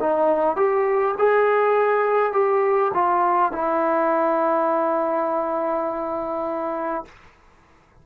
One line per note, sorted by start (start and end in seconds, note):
0.00 0.56 D#4
0.56 1.15 G4
1.18 2.33 G#4
2.33 2.91 G4
2.94 3.52 F4
3.52 7.05 E4